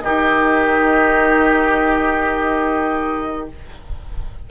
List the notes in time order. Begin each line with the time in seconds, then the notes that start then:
0.00 D#3 D#4 G4 D#5